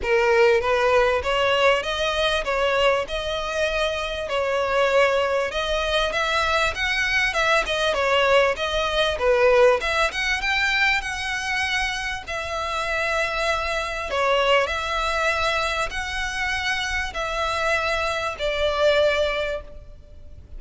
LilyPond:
\new Staff \with { instrumentName = "violin" } { \time 4/4 \tempo 4 = 98 ais'4 b'4 cis''4 dis''4 | cis''4 dis''2 cis''4~ | cis''4 dis''4 e''4 fis''4 | e''8 dis''8 cis''4 dis''4 b'4 |
e''8 fis''8 g''4 fis''2 | e''2. cis''4 | e''2 fis''2 | e''2 d''2 | }